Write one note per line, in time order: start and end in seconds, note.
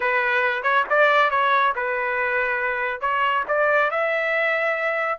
0.00 0.63 B4
0.63 0.84 C#5
0.89 1.30 D5
1.30 1.73 C#5
1.75 3.00 B4
3.00 3.44 C#5
3.47 3.90 D5
3.90 5.18 E5